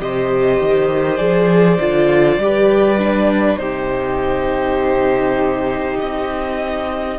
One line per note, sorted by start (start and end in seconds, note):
0.00 0.60 C3
0.00 1.18 G4
0.00 2.42 C5
0.00 1.18 D#5
0.60 1.20 D#3
1.18 1.79 F3
1.18 1.78 G#4
1.18 3.57 D5
1.80 2.38 D3
1.80 2.41 F4
2.38 3.58 G3
2.38 2.99 G4
2.44 3.60 B4
2.99 3.59 D4
3.57 5.99 C3
3.57 7.19 D#4
3.57 7.19 G4
3.57 5.97 C5
6.00 7.19 C4
6.00 7.19 D#5